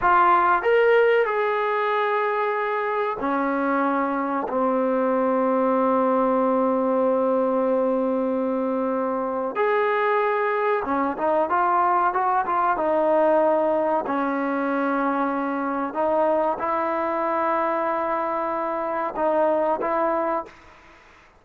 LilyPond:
\new Staff \with { instrumentName = "trombone" } { \time 4/4 \tempo 4 = 94 f'4 ais'4 gis'2~ | gis'4 cis'2 c'4~ | c'1~ | c'2. gis'4~ |
gis'4 cis'8 dis'8 f'4 fis'8 f'8 | dis'2 cis'2~ | cis'4 dis'4 e'2~ | e'2 dis'4 e'4 | }